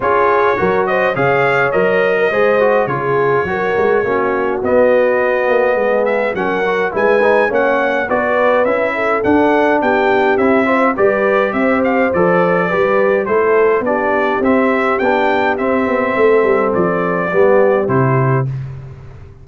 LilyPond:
<<
  \new Staff \with { instrumentName = "trumpet" } { \time 4/4 \tempo 4 = 104 cis''4. dis''8 f''4 dis''4~ | dis''4 cis''2. | dis''2~ dis''8 e''8 fis''4 | gis''4 fis''4 d''4 e''4 |
fis''4 g''4 e''4 d''4 | e''8 f''8 d''2 c''4 | d''4 e''4 g''4 e''4~ | e''4 d''2 c''4 | }
  \new Staff \with { instrumentName = "horn" } { \time 4/4 gis'4 ais'8 c''8 cis''4.~ cis''16 ais'16 | c''4 gis'4 ais'4 fis'4~ | fis'2 gis'4 ais'4 | b'4 cis''4 b'4. a'8~ |
a'4 g'4. c''8 b'4 | c''2 b'4 a'4 | g'1 | a'2 g'2 | }
  \new Staff \with { instrumentName = "trombone" } { \time 4/4 f'4 fis'4 gis'4 ais'4 | gis'8 fis'8 f'4 fis'4 cis'4 | b2. cis'8 fis'8 | e'8 dis'8 cis'4 fis'4 e'4 |
d'2 e'8 f'8 g'4~ | g'4 a'4 g'4 e'4 | d'4 c'4 d'4 c'4~ | c'2 b4 e'4 | }
  \new Staff \with { instrumentName = "tuba" } { \time 4/4 cis'4 fis4 cis4 fis4 | gis4 cis4 fis8 gis8 ais4 | b4. ais8 gis4 fis4 | gis4 ais4 b4 cis'4 |
d'4 b4 c'4 g4 | c'4 f4 g4 a4 | b4 c'4 b4 c'8 b8 | a8 g8 f4 g4 c4 | }
>>